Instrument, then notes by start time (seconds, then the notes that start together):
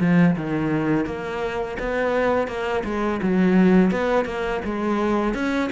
cello
0.00 F3
0.36 D#3
1.06 A#3
1.79 B3
2.48 A#3
2.85 G#3
3.23 F#3
3.91 B3
4.25 A#3
4.65 G#3
5.34 C#4